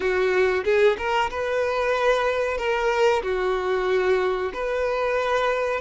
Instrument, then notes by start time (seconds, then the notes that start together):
violin
0.00 F#4
0.64 G#4
0.97 A#4
1.30 B4
2.57 A#4
3.23 F#4
4.53 B4